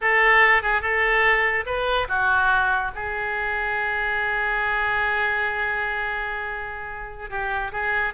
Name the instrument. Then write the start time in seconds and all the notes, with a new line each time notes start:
oboe
0.01 A4
0.62 G#4
0.81 A4
1.66 B4
2.08 F#4
2.95 G#4
7.30 G4
7.72 G#4